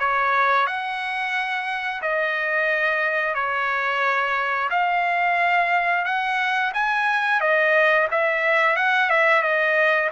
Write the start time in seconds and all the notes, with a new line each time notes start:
0.00 C#5
0.67 F#5
2.02 D#5
3.35 C#5
4.71 F5
6.05 F#5
6.74 G#5
7.41 D#5
8.11 E5
8.77 F#5
9.10 E5
9.43 D#5